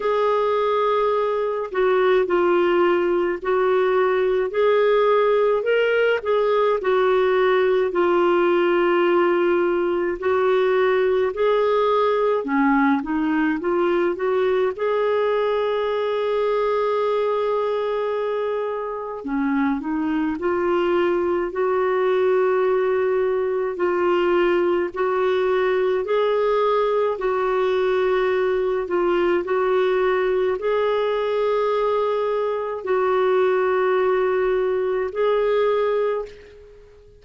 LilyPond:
\new Staff \with { instrumentName = "clarinet" } { \time 4/4 \tempo 4 = 53 gis'4. fis'8 f'4 fis'4 | gis'4 ais'8 gis'8 fis'4 f'4~ | f'4 fis'4 gis'4 cis'8 dis'8 | f'8 fis'8 gis'2.~ |
gis'4 cis'8 dis'8 f'4 fis'4~ | fis'4 f'4 fis'4 gis'4 | fis'4. f'8 fis'4 gis'4~ | gis'4 fis'2 gis'4 | }